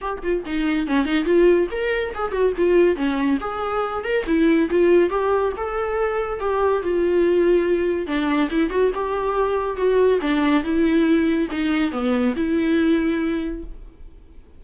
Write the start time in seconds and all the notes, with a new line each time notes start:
0.01 G4
0.22 F4
0.45 D#4
0.87 C#4
1.05 D#4
1.24 F4
1.71 A#4
2.14 G#4
2.31 F#4
2.57 F4
2.96 C#4
3.40 G#4
4.04 A#4
4.26 E4
4.70 F4
5.09 G4
5.56 A4
6.40 G4
6.82 F4
8.06 D4
8.50 E4
8.70 F#4
8.94 G4
9.76 F#4
10.21 D4
10.63 E4
11.50 D#4
11.91 B3
12.35 E4